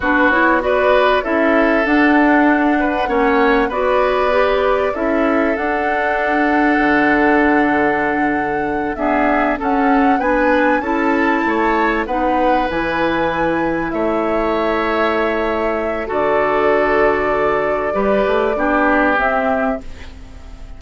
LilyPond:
<<
  \new Staff \with { instrumentName = "flute" } { \time 4/4 \tempo 4 = 97 b'8 cis''8 d''4 e''4 fis''4~ | fis''2 d''2 | e''4 fis''2.~ | fis''2~ fis''8 e''4 fis''8~ |
fis''8 gis''4 a''2 fis''8~ | fis''8 gis''2 e''4.~ | e''2 d''2~ | d''2. e''4 | }
  \new Staff \with { instrumentName = "oboe" } { \time 4/4 fis'4 b'4 a'2~ | a'8 b'8 cis''4 b'2 | a'1~ | a'2~ a'8 gis'4 a'8~ |
a'8 b'4 a'4 cis''4 b'8~ | b'2~ b'8 cis''4.~ | cis''2 a'2~ | a'4 b'4 g'2 | }
  \new Staff \with { instrumentName = "clarinet" } { \time 4/4 d'8 e'8 fis'4 e'4 d'4~ | d'4 cis'4 fis'4 g'4 | e'4 d'2.~ | d'2~ d'8 b4 cis'8~ |
cis'8 d'4 e'2 dis'8~ | dis'8 e'2.~ e'8~ | e'2 fis'2~ | fis'4 g'4 d'4 c'4 | }
  \new Staff \with { instrumentName = "bassoon" } { \time 4/4 b2 cis'4 d'4~ | d'4 ais4 b2 | cis'4 d'2 d4~ | d2~ d8 d'4 cis'8~ |
cis'8 b4 cis'4 a4 b8~ | b8 e2 a4.~ | a2 d2~ | d4 g8 a8 b4 c'4 | }
>>